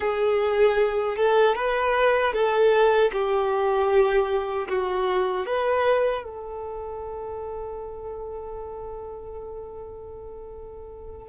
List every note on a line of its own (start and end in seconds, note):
0.00 1.17 G#4
1.17 1.55 A4
1.55 2.33 B4
2.33 3.11 A4
3.12 4.68 G4
4.68 5.45 F#4
5.45 6.23 B4
6.23 11.29 A4